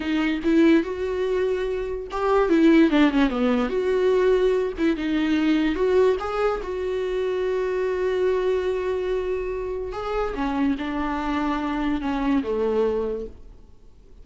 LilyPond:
\new Staff \with { instrumentName = "viola" } { \time 4/4 \tempo 4 = 145 dis'4 e'4 fis'2~ | fis'4 g'4 e'4 d'8 cis'8 | b4 fis'2~ fis'8 e'8 | dis'2 fis'4 gis'4 |
fis'1~ | fis'1 | gis'4 cis'4 d'2~ | d'4 cis'4 a2 | }